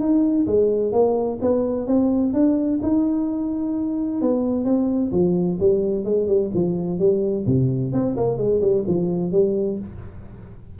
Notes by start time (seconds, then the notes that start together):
0.00 D#4
0.47 G#3
0.93 A#3
1.41 B3
1.87 C4
2.34 D4
2.83 D#4
4.22 B3
4.65 C4
5.12 F3
5.60 G3
6.05 G#3
6.28 G3
6.55 F3
6.99 G3
7.46 C3
7.93 C4
8.17 A#3
8.38 G#3
8.61 G3
8.88 F3
9.32 G3